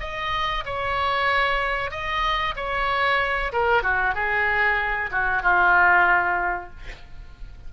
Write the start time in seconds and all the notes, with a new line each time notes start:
0.00 D#5
0.65 C#5
1.91 D#5
2.56 C#5
3.52 A#4
3.83 F#4
4.14 G#4
5.11 F#4
5.42 F4